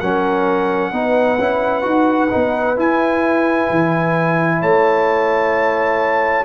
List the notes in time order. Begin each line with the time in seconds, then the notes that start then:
0.00 F#3 C#4 A#4 F#5
0.91 B3 D#4 B4
1.39 C#4 E4
1.82 D#4 F#4
2.30 B3 D#4
2.76 E4 G#5
3.70 E3
4.60 A3 C#5 A5